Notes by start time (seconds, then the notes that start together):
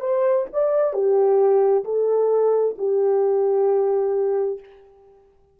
0.00 C5
0.53 D5
0.93 G4
1.84 A4
2.78 G4